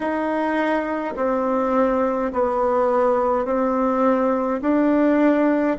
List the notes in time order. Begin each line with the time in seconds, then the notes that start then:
0.00 D#4
1.16 C4
2.32 B3
3.45 C4
4.62 D4